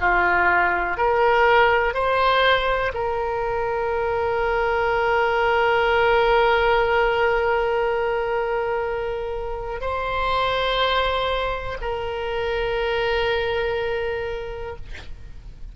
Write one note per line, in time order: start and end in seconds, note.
0.00 0.97 F4
0.97 1.94 A#4
1.94 2.92 C5
2.93 9.80 A#4
9.80 11.77 C5
11.81 14.76 A#4